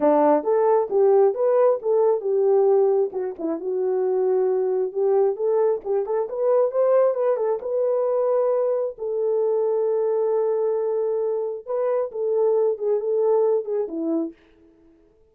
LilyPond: \new Staff \with { instrumentName = "horn" } { \time 4/4 \tempo 4 = 134 d'4 a'4 g'4 b'4 | a'4 g'2 fis'8 e'8 | fis'2. g'4 | a'4 g'8 a'8 b'4 c''4 |
b'8 a'8 b'2. | a'1~ | a'2 b'4 a'4~ | a'8 gis'8 a'4. gis'8 e'4 | }